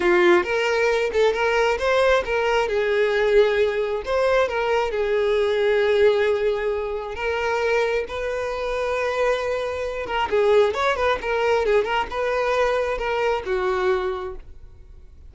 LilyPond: \new Staff \with { instrumentName = "violin" } { \time 4/4 \tempo 4 = 134 f'4 ais'4. a'8 ais'4 | c''4 ais'4 gis'2~ | gis'4 c''4 ais'4 gis'4~ | gis'1 |
ais'2 b'2~ | b'2~ b'8 ais'8 gis'4 | cis''8 b'8 ais'4 gis'8 ais'8 b'4~ | b'4 ais'4 fis'2 | }